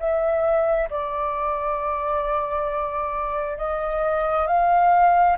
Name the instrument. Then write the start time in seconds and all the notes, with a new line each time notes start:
flute
0.00 E5
0.90 D5
3.58 D#5
4.47 F5